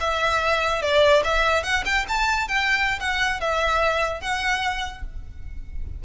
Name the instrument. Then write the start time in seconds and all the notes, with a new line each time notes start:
violin
0.00 E5
0.82 D5
1.24 E5
1.63 F#5
1.85 G5
2.08 A5
2.48 G5
3.00 F#5
3.40 E5
4.21 F#5